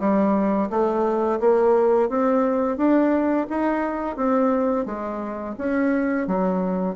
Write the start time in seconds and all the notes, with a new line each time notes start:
0.00 G3
0.70 A3
1.40 A#3
2.10 C4
2.77 D4
3.50 D#4
4.17 C4
4.86 G#3
5.58 C#4
6.28 F#3